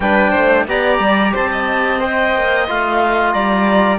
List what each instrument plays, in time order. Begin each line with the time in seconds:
0.00 cello G3, trombone D4, violin B4, clarinet G5
0.30 cello A3, violin C5
0.67 cello B3, trombone G4, violin D5, clarinet A#5
0.99 cello G3
1.32 cello C4, violin C5, clarinet A5
1.51 violin D#5
1.99 trombone C5, clarinet G5
2.35 cello A#3
2.67 cello A3, trombone F4, clarinet F5
3.32 cello G3, violin D5, clarinet A#5